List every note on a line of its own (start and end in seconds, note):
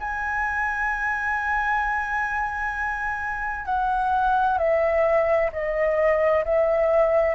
0.00 3.66 G#5
3.66 4.58 F#5
4.58 5.50 E5
5.53 6.45 D#5
6.45 7.35 E5